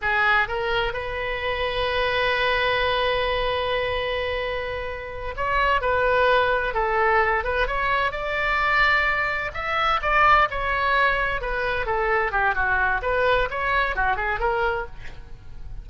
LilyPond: \new Staff \with { instrumentName = "oboe" } { \time 4/4 \tempo 4 = 129 gis'4 ais'4 b'2~ | b'1~ | b'2.~ b'8 cis''8~ | cis''8 b'2 a'4. |
b'8 cis''4 d''2~ d''8~ | d''8 e''4 d''4 cis''4.~ | cis''8 b'4 a'4 g'8 fis'4 | b'4 cis''4 fis'8 gis'8 ais'4 | }